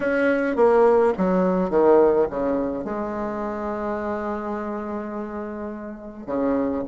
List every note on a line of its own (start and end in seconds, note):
0.00 0.56 C#4
0.56 1.13 A#3
1.17 1.70 F#3
1.70 2.27 D#3
2.30 2.84 C#3
2.84 6.26 G#3
6.26 6.83 C#3